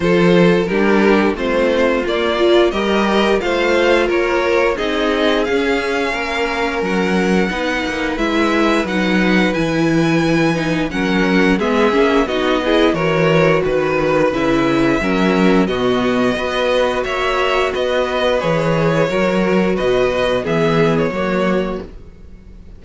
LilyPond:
<<
  \new Staff \with { instrumentName = "violin" } { \time 4/4 \tempo 4 = 88 c''4 ais'4 c''4 d''4 | dis''4 f''4 cis''4 dis''4 | f''2 fis''2 | e''4 fis''4 gis''2 |
fis''4 e''4 dis''4 cis''4 | b'4 e''2 dis''4~ | dis''4 e''4 dis''4 cis''4~ | cis''4 dis''4 e''8. cis''4~ cis''16 | }
  \new Staff \with { instrumentName = "violin" } { \time 4/4 a'4 g'4 f'2 | ais'4 c''4 ais'4 gis'4~ | gis'4 ais'2 b'4~ | b'1 |
ais'4 gis'4 fis'8 gis'8 ais'4 | b'2 ais'4 fis'4 | b'4 cis''4 b'2 | ais'4 b'4 gis'4 fis'4 | }
  \new Staff \with { instrumentName = "viola" } { \time 4/4 f'4 d'4 c'4 ais8 f'8 | g'4 f'2 dis'4 | cis'2. dis'4 | e'4 dis'4 e'4. dis'8 |
cis'4 b8 cis'8 dis'8 e'8 fis'4~ | fis'4 e'4 cis'4 b4 | fis'2. gis'4 | fis'2 b4 ais4 | }
  \new Staff \with { instrumentName = "cello" } { \time 4/4 f4 g4 a4 ais4 | g4 a4 ais4 c'4 | cis'4 ais4 fis4 b8 ais8 | gis4 fis4 e2 |
fis4 gis8 ais8 b4 e4 | dis4 cis4 fis4 b,4 | b4 ais4 b4 e4 | fis4 b,4 e4 fis4 | }
>>